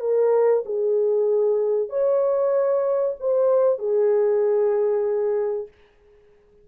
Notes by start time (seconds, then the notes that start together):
0.00 A#4
0.65 G#4
1.89 C#5
3.20 C5
3.78 G#4